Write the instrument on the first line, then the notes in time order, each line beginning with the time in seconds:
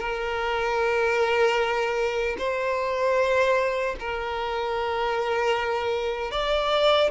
violin
0.00 A#4
2.38 C5
4.00 A#4
6.32 D5